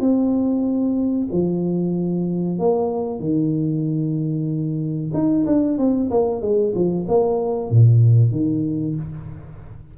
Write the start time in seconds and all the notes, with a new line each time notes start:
0.00 C4
1.32 F3
2.59 A#3
3.19 D#3
5.13 D#4
5.46 D4
5.78 C4
6.10 A#3
6.41 G#3
6.75 F3
7.08 A#3
7.70 A#2
8.31 D#3